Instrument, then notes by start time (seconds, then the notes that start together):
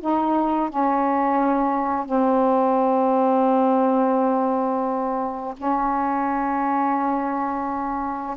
saxophone
0.00 D#4
0.69 C#4
2.05 C4
5.57 C#4